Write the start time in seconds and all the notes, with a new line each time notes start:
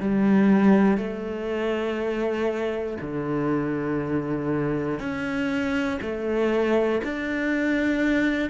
0.00 G3
0.97 A3
3.01 D3
4.99 C#4
6.01 A3
7.04 D4